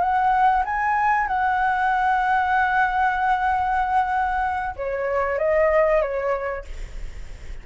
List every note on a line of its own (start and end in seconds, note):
0.00 0.63 F#5
0.65 1.27 G#5
1.27 4.75 F#5
4.76 5.38 C#5
5.38 6.01 D#5
6.01 6.65 C#5